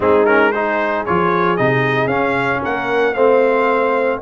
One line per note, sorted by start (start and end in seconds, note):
0.00 1.05 G#3
0.00 0.26 C4
0.00 0.52 D#4
0.00 0.25 G#4
0.25 0.53 C#4
0.25 0.51 A#4
0.51 1.07 D#4
0.51 2.61 G#4
0.51 1.04 C5
1.05 1.59 F3
1.05 1.58 F4
1.05 1.57 C#5
1.57 2.06 C3
1.57 2.10 D#4
1.57 2.07 D#5
2.06 2.59 C#4
2.06 3.15 C#4
2.06 2.60 F5
2.61 3.15 A#3
2.61 3.14 A#4
2.61 3.14 F#5
3.14 4.21 A3
3.14 4.21 C4
3.14 4.20 C5
3.14 4.19 F5